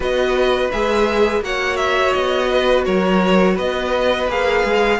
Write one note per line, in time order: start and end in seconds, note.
0.00 0.69 B3
0.00 0.71 F#4
0.00 1.43 B4
0.00 0.71 D#5
0.71 1.41 G#3
0.71 1.42 G#4
0.71 1.42 E5
1.41 2.12 A#3
1.41 4.28 F#4
1.41 2.49 C#5
1.41 1.76 F#5
1.76 2.12 E5
2.12 2.86 B3
2.12 2.84 D#5
2.49 2.85 B4
2.85 3.58 F#3
2.85 3.54 A#4
2.85 3.56 C#5
3.54 4.28 B3
3.54 4.97 B4
3.54 4.29 D#5
4.28 4.63 A#3
4.28 4.99 G#4
4.28 4.99 F5
4.64 4.99 G#3